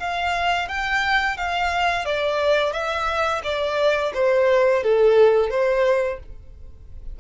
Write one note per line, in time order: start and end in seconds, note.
0.00 0.69 F5
0.69 1.38 G5
1.38 2.06 F5
2.06 2.73 D5
2.73 3.42 E5
3.44 4.13 D5
4.14 4.83 C5
4.83 5.51 A4
5.51 6.20 C5